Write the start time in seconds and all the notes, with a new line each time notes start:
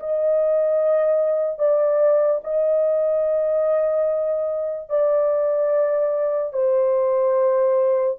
0.00 D#5
1.59 D5
2.44 D#5
4.89 D5
6.53 C5